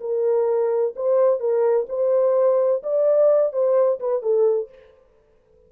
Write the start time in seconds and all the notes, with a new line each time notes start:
0.00 A#4
0.95 C5
1.39 A#4
1.89 C5
2.83 D5
3.52 C5
3.99 B4
4.22 A4